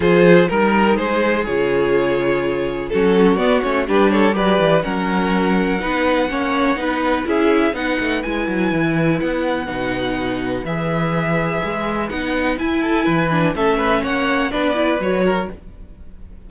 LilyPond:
<<
  \new Staff \with { instrumentName = "violin" } { \time 4/4 \tempo 4 = 124 c''4 ais'4 c''4 cis''4~ | cis''2 a'4 d''8 cis''8 | b'8 cis''8 d''4 fis''2~ | fis''2. e''4 |
fis''4 gis''2 fis''4~ | fis''2 e''2~ | e''4 fis''4 gis''2 | e''4 fis''4 d''4 cis''4 | }
  \new Staff \with { instrumentName = "violin" } { \time 4/4 gis'4 ais'4 gis'2~ | gis'2 fis'2 | g'8 a'8 b'4 ais'2 | b'4 cis''4 b'4 gis'4 |
b'1~ | b'1~ | b'2~ b'8 a'8 b'4 | a'8 b'8 cis''4 b'4. ais'8 | }
  \new Staff \with { instrumentName = "viola" } { \time 4/4 f'4 dis'2 f'4~ | f'2 cis'4 b8 cis'8 | d'4 g'4 cis'2 | dis'4 cis'4 dis'4 e'4 |
dis'4 e'2. | dis'2 gis'2~ | gis'4 dis'4 e'4. d'8 | cis'2 d'8 e'8 fis'4 | }
  \new Staff \with { instrumentName = "cello" } { \time 4/4 f4 g4 gis4 cis4~ | cis2 fis4 b8 a8 | g4 fis8 e8 fis2 | b4 ais4 b4 cis'4 |
b8 a8 gis8 fis8 e4 b4 | b,2 e2 | gis4 b4 e'4 e4 | a4 ais4 b4 fis4 | }
>>